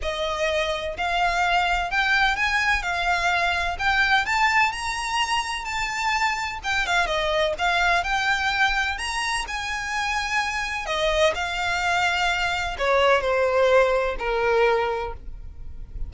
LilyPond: \new Staff \with { instrumentName = "violin" } { \time 4/4 \tempo 4 = 127 dis''2 f''2 | g''4 gis''4 f''2 | g''4 a''4 ais''2 | a''2 g''8 f''8 dis''4 |
f''4 g''2 ais''4 | gis''2. dis''4 | f''2. cis''4 | c''2 ais'2 | }